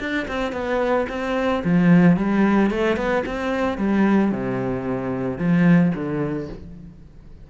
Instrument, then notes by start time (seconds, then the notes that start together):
cello
0.00 D4
0.28 C4
0.53 B3
1.09 C4
1.65 F3
2.17 G3
2.71 A3
2.97 B3
3.26 C4
3.78 G3
4.32 C3
5.38 F3
5.95 D3